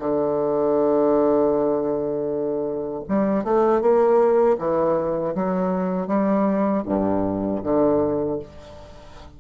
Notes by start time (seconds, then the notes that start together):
0.00 D3
3.09 G3
3.45 A3
3.81 A#3
4.59 E3
5.35 F#3
6.08 G3
6.86 G2
7.64 D3